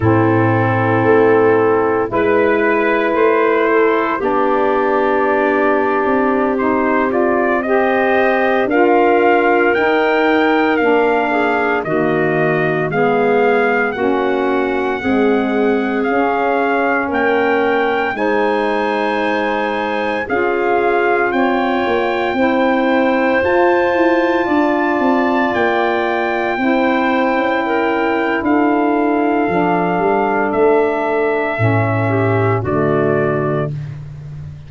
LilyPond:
<<
  \new Staff \with { instrumentName = "trumpet" } { \time 4/4 \tempo 4 = 57 a'2 b'4 c''4 | d''2~ d''16 c''8 d''8 dis''8.~ | dis''16 f''4 g''4 f''4 dis''8.~ | dis''16 f''4 fis''2 f''8.~ |
f''16 g''4 gis''2 f''8.~ | f''16 g''2 a''4.~ a''16~ | a''16 g''2~ g''8. f''4~ | f''4 e''2 d''4 | }
  \new Staff \with { instrumentName = "clarinet" } { \time 4/4 e'2 b'4. a'8 | g'2.~ g'16 c''8.~ | c''16 ais'2~ ais'8 gis'8 fis'8.~ | fis'16 gis'4 fis'4 gis'4.~ gis'16~ |
gis'16 ais'4 c''2 gis'8.~ | gis'16 cis''4 c''2 d''8.~ | d''4~ d''16 c''4 ais'8. a'4~ | a'2~ a'8 g'8 fis'4 | }
  \new Staff \with { instrumentName = "saxophone" } { \time 4/4 c'2 e'2 | d'2~ d'16 dis'8 f'8 g'8.~ | g'16 f'4 dis'4 d'4 ais8.~ | ais16 b4 cis'4 gis4 cis'8.~ |
cis'4~ cis'16 dis'2 f'8.~ | f'4~ f'16 e'4 f'4.~ f'16~ | f'4~ f'16 e'2~ e'8. | d'2 cis'4 a4 | }
  \new Staff \with { instrumentName = "tuba" } { \time 4/4 a,4 a4 gis4 a4 | b4.~ b16 c'2~ c'16~ | c'16 d'4 dis'4 ais4 dis8.~ | dis16 gis4 ais4 c'4 cis'8.~ |
cis'16 ais4 gis2 cis'8.~ | cis'16 c'8 ais8 c'4 f'8 e'8 d'8 c'16~ | c'16 ais4 c'8. cis'4 d'4 | f8 g8 a4 a,4 d4 | }
>>